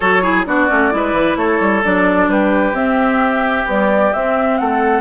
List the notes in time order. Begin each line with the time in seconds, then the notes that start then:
0.00 F#3 F#4 A4 C#5
0.22 E4 G#4
0.46 B3 D4 F#4 D5
0.68 A3 C#4
0.91 G#3 E4 B4
1.12 E3
1.36 A3 A4 C#5
1.60 G3
1.83 F#3 D4 D5
2.28 G3 G4 B4
2.73 C4 E5
3.65 G3 B3 D5
4.13 C4 E5
4.57 A3 A4 F#5